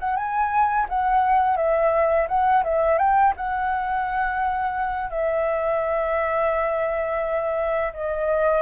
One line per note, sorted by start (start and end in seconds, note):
0.00 0.16 F#5
0.16 0.87 G#5
0.89 1.57 F#5
1.57 2.27 E5
2.28 2.64 F#5
2.64 2.98 E5
2.98 3.34 G5
3.37 5.10 F#5
5.10 7.93 E5
7.93 8.62 D#5